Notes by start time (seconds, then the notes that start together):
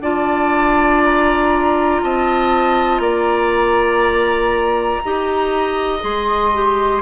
0.00 D4 F4 D5 A5
1.04 A#5
2.03 C4 D#5 A5
2.99 A#3 D5 A#5
5.05 D#4 G4 D#5
6.00 G#3 G#4 C6
6.54 G4